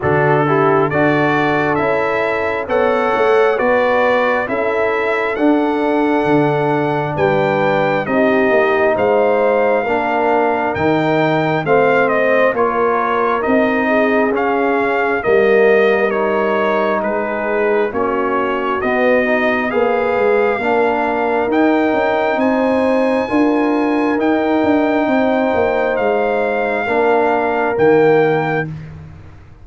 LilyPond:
<<
  \new Staff \with { instrumentName = "trumpet" } { \time 4/4 \tempo 4 = 67 a'4 d''4 e''4 fis''4 | d''4 e''4 fis''2 | g''4 dis''4 f''2 | g''4 f''8 dis''8 cis''4 dis''4 |
f''4 dis''4 cis''4 b'4 | cis''4 dis''4 f''2 | g''4 gis''2 g''4~ | g''4 f''2 g''4 | }
  \new Staff \with { instrumentName = "horn" } { \time 4/4 fis'8 g'8 a'2 cis''4 | b'4 a'2. | b'4 g'4 c''4 ais'4~ | ais'4 c''4 ais'4. gis'8~ |
gis'4 ais'2 gis'4 | fis'2 b'4 ais'4~ | ais'4 c''4 ais'2 | c''2 ais'2 | }
  \new Staff \with { instrumentName = "trombone" } { \time 4/4 d'8 e'8 fis'4 e'4 a'4 | fis'4 e'4 d'2~ | d'4 dis'2 d'4 | dis'4 c'4 f'4 dis'4 |
cis'4 ais4 dis'2 | cis'4 b8 dis'8 gis'4 d'4 | dis'2 f'4 dis'4~ | dis'2 d'4 ais4 | }
  \new Staff \with { instrumentName = "tuba" } { \time 4/4 d4 d'4 cis'4 b8 a8 | b4 cis'4 d'4 d4 | g4 c'8 ais8 gis4 ais4 | dis4 a4 ais4 c'4 |
cis'4 g2 gis4 | ais4 b4 ais8 gis8 ais4 | dis'8 cis'8 c'4 d'4 dis'8 d'8 | c'8 ais8 gis4 ais4 dis4 | }
>>